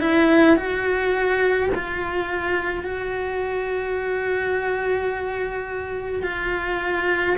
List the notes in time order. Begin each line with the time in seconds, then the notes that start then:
0.00 E4
0.56 F#4
1.74 F4
2.84 F#4
6.23 F4